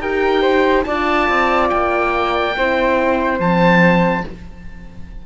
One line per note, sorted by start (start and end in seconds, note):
0.00 0.85 D#4
0.00 0.86 G4
0.00 0.42 A#4
0.00 0.84 G5
0.42 0.84 C5
0.84 1.29 D4
0.84 2.56 F4
0.84 2.55 D5
0.84 1.68 A5
1.29 1.71 C4
1.70 2.56 A#3
1.70 3.39 G5
2.56 3.39 C4
2.56 3.40 E4
2.56 4.26 C5
3.39 4.24 F3
3.39 4.24 C4
3.39 4.25 A5